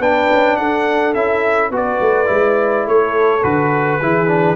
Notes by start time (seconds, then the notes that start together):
0.00 B3 D4 B4 G5
0.31 C#4
0.57 D4 A4 F#5
1.14 C#4 E4 E5
1.71 B3 F#4 B4 D5
2.00 A3
2.26 G#3 E4
2.87 A3 A4 C#5
3.43 D3 F#4 B4
4.01 E3 E4 G#4
4.28 D4